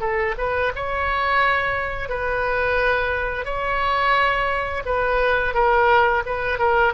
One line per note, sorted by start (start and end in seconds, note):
0.00 0.34 A4
0.38 0.72 B4
0.75 2.09 C#5
2.09 3.45 B4
3.45 4.83 C#5
4.85 5.54 B4
5.54 6.23 A#4
6.26 6.59 B4
6.59 6.93 A#4